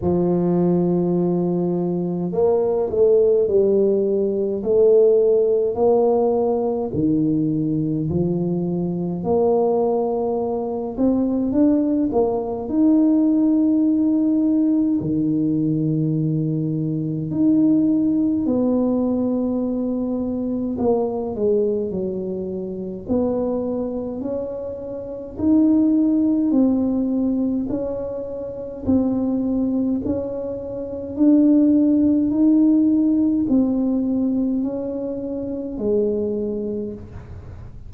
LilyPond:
\new Staff \with { instrumentName = "tuba" } { \time 4/4 \tempo 4 = 52 f2 ais8 a8 g4 | a4 ais4 dis4 f4 | ais4. c'8 d'8 ais8 dis'4~ | dis'4 dis2 dis'4 |
b2 ais8 gis8 fis4 | b4 cis'4 dis'4 c'4 | cis'4 c'4 cis'4 d'4 | dis'4 c'4 cis'4 gis4 | }